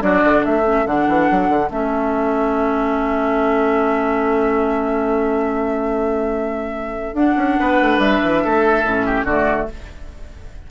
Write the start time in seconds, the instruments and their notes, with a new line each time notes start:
0.00 bassoon F#3, clarinet D4, oboe F#4, flute D5
0.24 bassoon D3
0.44 bassoon A3, oboe A4, flute E5
0.63 clarinet C#4
0.85 bassoon D3, clarinet D4, flute F#5
1.08 bassoon E3
1.31 bassoon F#3
1.49 bassoon D3
1.70 bassoon A3, clarinet C#4, flute E5
7.13 bassoon D4, clarinet D4, flute F#5
7.37 bassoon C#4
7.59 bassoon B3, oboe B4
7.81 bassoon A3
7.98 bassoon G3, flute E5
8.23 bassoon E3
8.44 bassoon A3, oboe A4
8.83 bassoon A2, clarinet C#4
9.06 oboe G4
9.23 bassoon D3, clarinet A3, oboe F#4, flute D5